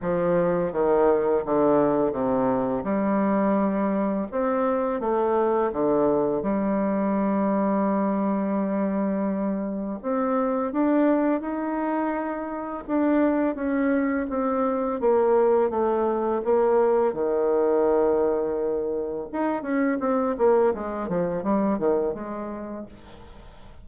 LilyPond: \new Staff \with { instrumentName = "bassoon" } { \time 4/4 \tempo 4 = 84 f4 dis4 d4 c4 | g2 c'4 a4 | d4 g2.~ | g2 c'4 d'4 |
dis'2 d'4 cis'4 | c'4 ais4 a4 ais4 | dis2. dis'8 cis'8 | c'8 ais8 gis8 f8 g8 dis8 gis4 | }